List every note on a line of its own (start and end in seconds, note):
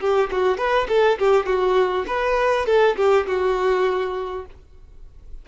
0.00 0.30 G4
0.31 0.58 F#4
0.58 0.87 B4
0.89 1.18 A4
1.19 1.46 G4
1.46 2.05 F#4
2.07 2.66 B4
2.66 2.96 A4
2.96 3.26 G4
3.27 4.46 F#4